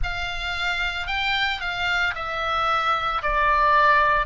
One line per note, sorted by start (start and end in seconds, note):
0.03 1.07 F5
1.07 1.60 G5
1.60 2.14 F5
2.14 3.21 E5
3.22 4.26 D5